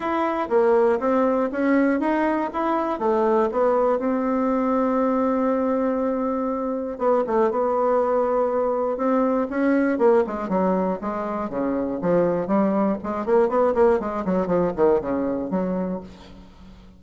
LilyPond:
\new Staff \with { instrumentName = "bassoon" } { \time 4/4 \tempo 4 = 120 e'4 ais4 c'4 cis'4 | dis'4 e'4 a4 b4 | c'1~ | c'2 b8 a8 b4~ |
b2 c'4 cis'4 | ais8 gis8 fis4 gis4 cis4 | f4 g4 gis8 ais8 b8 ais8 | gis8 fis8 f8 dis8 cis4 fis4 | }